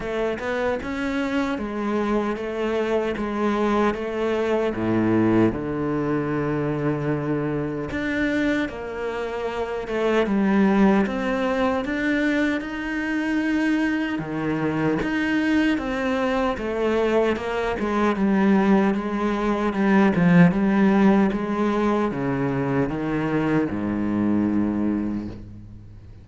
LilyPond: \new Staff \with { instrumentName = "cello" } { \time 4/4 \tempo 4 = 76 a8 b8 cis'4 gis4 a4 | gis4 a4 a,4 d4~ | d2 d'4 ais4~ | ais8 a8 g4 c'4 d'4 |
dis'2 dis4 dis'4 | c'4 a4 ais8 gis8 g4 | gis4 g8 f8 g4 gis4 | cis4 dis4 gis,2 | }